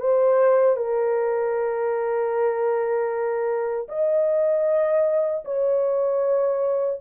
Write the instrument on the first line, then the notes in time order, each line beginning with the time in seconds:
horn
0.00 C5
0.77 A#4
3.89 D#5
5.45 C#5